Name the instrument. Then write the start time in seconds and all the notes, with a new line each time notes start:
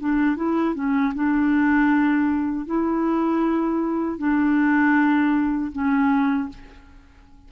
clarinet
0.00 D4
0.36 E4
0.74 C#4
1.15 D4
2.66 E4
4.18 D4
5.72 C#4